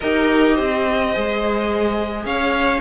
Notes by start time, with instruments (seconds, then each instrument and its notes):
0.00 cello D#4, viola G4, violin A#4 D#5
0.54 cello C4, violin C5
1.13 cello G#3, viola G#4
2.25 cello C#4, violin C#5 F5